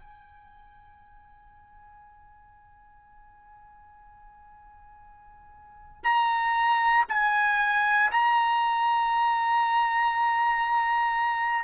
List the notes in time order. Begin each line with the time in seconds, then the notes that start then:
0.00 G#5
6.04 A#5
7.09 G#5
8.11 A#5